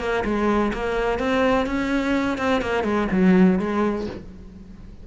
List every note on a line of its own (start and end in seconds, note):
0.00 0.24 A#3
0.25 0.72 G#3
0.73 1.19 A#3
1.19 1.66 C4
1.66 2.38 C#4
2.38 2.62 C4
2.62 2.84 A#3
2.84 3.08 G#3
3.11 3.59 F#3
3.59 4.07 G#3